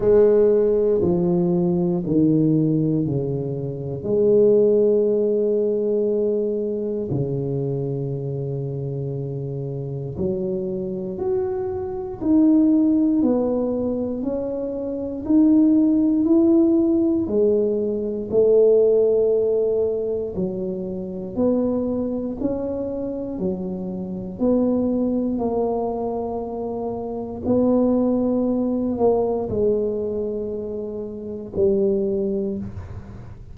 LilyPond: \new Staff \with { instrumentName = "tuba" } { \time 4/4 \tempo 4 = 59 gis4 f4 dis4 cis4 | gis2. cis4~ | cis2 fis4 fis'4 | dis'4 b4 cis'4 dis'4 |
e'4 gis4 a2 | fis4 b4 cis'4 fis4 | b4 ais2 b4~ | b8 ais8 gis2 g4 | }